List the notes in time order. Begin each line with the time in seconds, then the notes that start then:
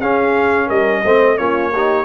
0.00 C#4 G#4 F5
0.67 G3 A#4 D#5
1.04 A3 C4 C5
1.37 A#3 C#4 F4 C#5
1.72 D#4 G4